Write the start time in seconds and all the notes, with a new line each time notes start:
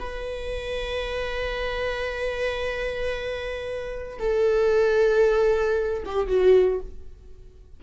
0.00 B4
4.19 A4
6.06 G4
6.28 F#4